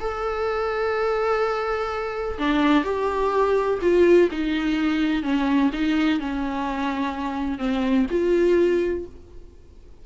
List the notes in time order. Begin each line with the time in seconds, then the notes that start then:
0.00 A4
2.38 D4
2.84 G4
3.82 F4
4.31 D#4
5.23 C#4
5.73 D#4
6.20 C#4
7.58 C4
8.10 F4